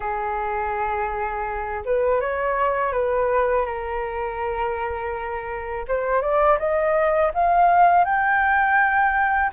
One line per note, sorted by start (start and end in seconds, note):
0.00 1.83 G#4
1.85 2.20 B4
2.20 2.92 C#5
2.92 3.65 B4
3.66 5.85 A#4
5.88 6.21 C5
6.21 6.58 D5
6.59 7.32 D#5
7.34 8.05 F5
8.05 9.51 G5